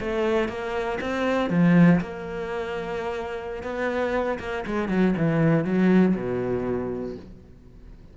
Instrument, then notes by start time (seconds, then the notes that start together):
cello
0.00 A3
0.49 A#3
1.01 C4
1.50 F3
2.01 A#3
3.63 B3
4.40 A#3
4.67 G#3
4.89 F#3
5.18 E3
5.65 F#3
6.16 B2